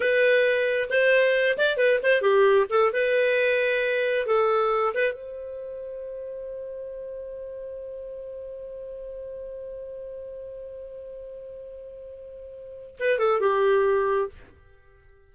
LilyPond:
\new Staff \with { instrumentName = "clarinet" } { \time 4/4 \tempo 4 = 134 b'2 c''4. d''8 | b'8 c''8 g'4 a'8 b'4.~ | b'4. a'4. b'8 c''8~ | c''1~ |
c''1~ | c''1~ | c''1~ | c''4 b'8 a'8 g'2 | }